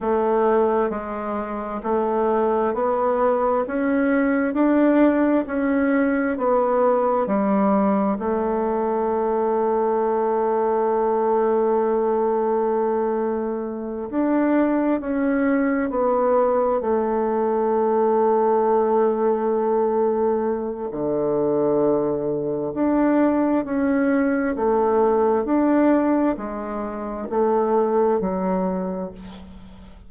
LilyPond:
\new Staff \with { instrumentName = "bassoon" } { \time 4/4 \tempo 4 = 66 a4 gis4 a4 b4 | cis'4 d'4 cis'4 b4 | g4 a2.~ | a2.~ a8 d'8~ |
d'8 cis'4 b4 a4.~ | a2. d4~ | d4 d'4 cis'4 a4 | d'4 gis4 a4 fis4 | }